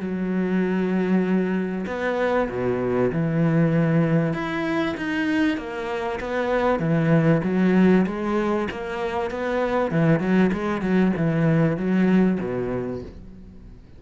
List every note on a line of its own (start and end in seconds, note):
0.00 1.86 F#3
1.87 2.49 B3
2.49 3.11 B2
3.12 4.34 E3
4.34 4.95 E4
4.97 5.58 D#4
5.58 6.19 A#3
6.20 6.80 B3
6.80 7.41 E3
7.44 8.06 F#3
8.07 8.69 G#3
8.71 9.31 A#3
9.31 9.91 B3
9.91 10.20 E3
10.20 10.51 F#3
10.53 10.82 G#3
10.82 11.13 F#3
11.17 11.77 E3
11.77 12.39 F#3
12.40 13.02 B2